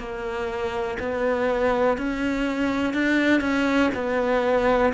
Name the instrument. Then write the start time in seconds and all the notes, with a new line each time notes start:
cello
0.00 A#3
1.00 B3
1.98 C#4
2.94 D4
3.42 C#4
3.95 B3